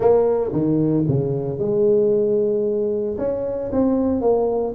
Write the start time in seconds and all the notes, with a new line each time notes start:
0.00 A#3
0.52 D#3
1.08 C#3
1.58 G#3
3.18 C#4
3.72 C4
4.21 A#3